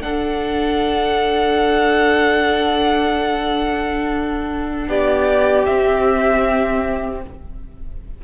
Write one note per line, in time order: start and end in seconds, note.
0.00 5.65 D4
0.00 4.88 D4
0.00 4.88 A4
0.00 4.89 F#5
4.88 5.66 B3
4.88 7.22 G4
4.88 5.66 D5
5.66 7.24 C4
5.66 7.21 E5